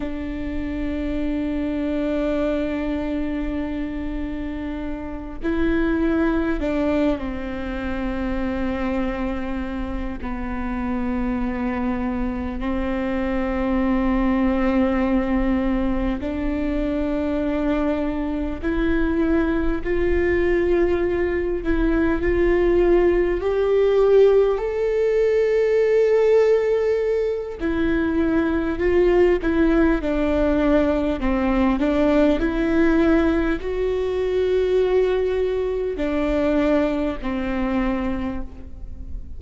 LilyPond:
\new Staff \with { instrumentName = "viola" } { \time 4/4 \tempo 4 = 50 d'1~ | d'8 e'4 d'8 c'2~ | c'8 b2 c'4.~ | c'4. d'2 e'8~ |
e'8 f'4. e'8 f'4 g'8~ | g'8 a'2~ a'8 e'4 | f'8 e'8 d'4 c'8 d'8 e'4 | fis'2 d'4 c'4 | }